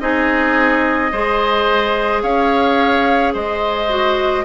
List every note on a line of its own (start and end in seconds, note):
0.00 1.12 C4
0.00 1.11 D#4
0.00 1.12 G#4
0.00 2.22 D#5
1.12 2.23 G#3
1.12 3.89 G#4
1.12 2.23 C5
2.23 3.34 C#4
2.23 3.34 C#5
2.23 3.34 F5
3.34 4.45 G#3
3.34 4.45 C5
3.34 4.45 D#5
3.89 4.45 F#4